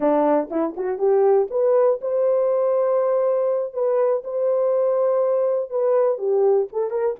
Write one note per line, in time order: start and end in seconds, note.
0.00 0.49 D4
0.50 0.75 E4
0.77 0.98 F#4
0.98 1.48 G4
1.50 2.00 B4
2.01 3.73 C5
3.73 4.23 B4
4.24 5.70 C5
5.70 6.18 B4
6.18 6.67 G4
6.72 6.90 A4
6.90 7.15 A#4